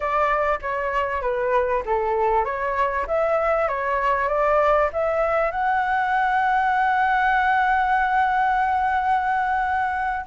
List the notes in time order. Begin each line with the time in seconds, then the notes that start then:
0.00 D5
0.61 C#5
1.21 B4
1.85 A4
2.44 C#5
3.07 E5
3.68 C#5
4.28 D5
4.93 E5
5.51 F#5